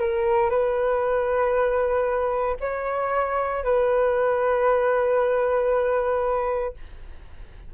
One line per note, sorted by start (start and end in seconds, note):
0.00 0.50 A#4
0.50 2.57 B4
2.61 3.64 C#5
3.64 6.74 B4